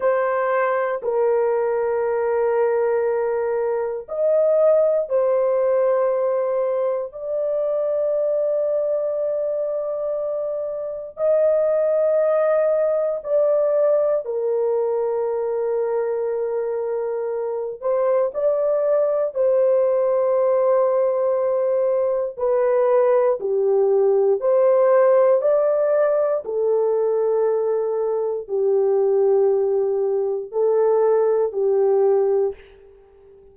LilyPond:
\new Staff \with { instrumentName = "horn" } { \time 4/4 \tempo 4 = 59 c''4 ais'2. | dis''4 c''2 d''4~ | d''2. dis''4~ | dis''4 d''4 ais'2~ |
ais'4. c''8 d''4 c''4~ | c''2 b'4 g'4 | c''4 d''4 a'2 | g'2 a'4 g'4 | }